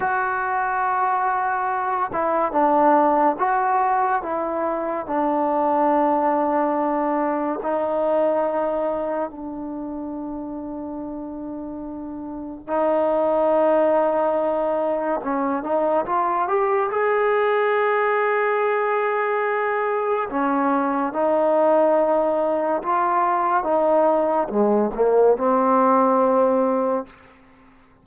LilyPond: \new Staff \with { instrumentName = "trombone" } { \time 4/4 \tempo 4 = 71 fis'2~ fis'8 e'8 d'4 | fis'4 e'4 d'2~ | d'4 dis'2 d'4~ | d'2. dis'4~ |
dis'2 cis'8 dis'8 f'8 g'8 | gis'1 | cis'4 dis'2 f'4 | dis'4 gis8 ais8 c'2 | }